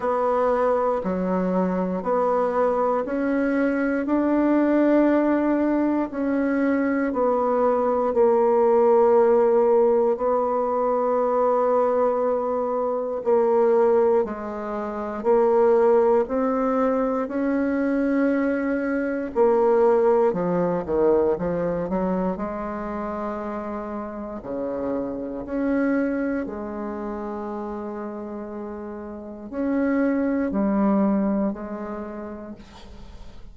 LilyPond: \new Staff \with { instrumentName = "bassoon" } { \time 4/4 \tempo 4 = 59 b4 fis4 b4 cis'4 | d'2 cis'4 b4 | ais2 b2~ | b4 ais4 gis4 ais4 |
c'4 cis'2 ais4 | f8 dis8 f8 fis8 gis2 | cis4 cis'4 gis2~ | gis4 cis'4 g4 gis4 | }